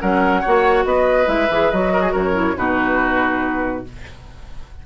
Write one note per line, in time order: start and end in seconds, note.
0.00 0.44 F#3
0.00 0.44 C#4
0.00 0.41 A#4
0.00 0.85 F#5
0.41 0.85 A#3
0.41 1.25 F#4
0.41 0.84 C#5
0.85 1.27 B3
0.85 1.92 B4
0.85 1.28 D#5
1.25 1.48 G#3
1.25 1.47 E4
1.25 1.71 E5
1.49 1.71 E3
1.49 1.73 G#4
1.71 2.14 F#3
1.71 2.33 F#4
1.71 2.13 D#5
1.92 2.01 A#4
2.01 2.11 G#4
2.11 2.56 F#2
2.11 2.54 A#4
2.11 2.57 C#5
2.33 2.54 E4
2.56 3.84 B2
2.56 3.84 D#4
2.56 3.86 F#4
2.56 3.85 B4